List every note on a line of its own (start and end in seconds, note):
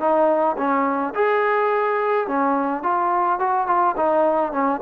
0.00 0.57 D#4
0.57 1.14 C#4
1.15 2.27 G#4
2.27 2.83 C#4
2.83 3.40 F4
3.40 3.67 F#4
3.67 3.96 F4
3.97 4.53 D#4
4.53 4.81 C#4